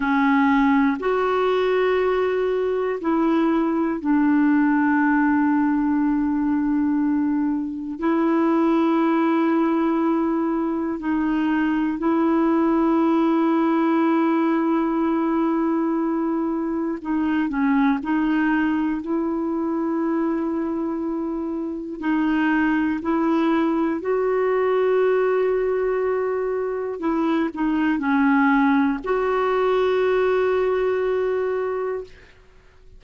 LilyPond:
\new Staff \with { instrumentName = "clarinet" } { \time 4/4 \tempo 4 = 60 cis'4 fis'2 e'4 | d'1 | e'2. dis'4 | e'1~ |
e'4 dis'8 cis'8 dis'4 e'4~ | e'2 dis'4 e'4 | fis'2. e'8 dis'8 | cis'4 fis'2. | }